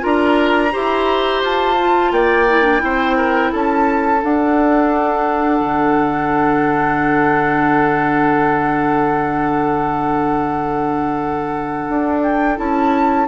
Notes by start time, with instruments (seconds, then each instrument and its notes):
0.00 bassoon D4, clarinet F4, oboe A#4, flute A#5
0.72 bassoon E4, clarinet G4, oboe C5
1.43 bassoon F4, flute A5
1.79 clarinet F4
2.12 bassoon A#3, oboe D5, flute G5
2.48 clarinet E4
2.62 clarinet D4
2.79 bassoon C4, clarinet E4, oboe C5
3.17 oboe A#4
3.52 bassoon C#4, oboe A4, flute A5
4.22 clarinet D4, bassoon D4, flute F#5
5.60 bassoon D3
11.89 bassoon D4
12.23 flute G5
12.57 bassoon C#4, clarinet E4, flute A5